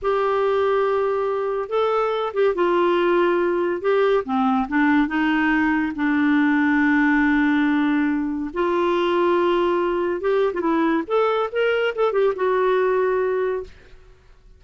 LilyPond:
\new Staff \with { instrumentName = "clarinet" } { \time 4/4 \tempo 4 = 141 g'1 | a'4. g'8 f'2~ | f'4 g'4 c'4 d'4 | dis'2 d'2~ |
d'1 | f'1 | g'8. f'16 e'4 a'4 ais'4 | a'8 g'8 fis'2. | }